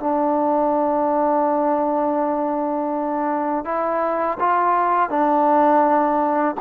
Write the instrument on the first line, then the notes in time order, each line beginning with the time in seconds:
trombone
0.00 D4
3.65 E4
4.40 F4
5.10 D4